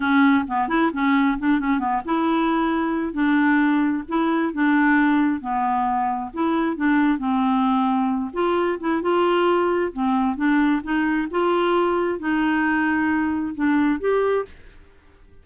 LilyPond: \new Staff \with { instrumentName = "clarinet" } { \time 4/4 \tempo 4 = 133 cis'4 b8 e'8 cis'4 d'8 cis'8 | b8 e'2~ e'8 d'4~ | d'4 e'4 d'2 | b2 e'4 d'4 |
c'2~ c'8 f'4 e'8 | f'2 c'4 d'4 | dis'4 f'2 dis'4~ | dis'2 d'4 g'4 | }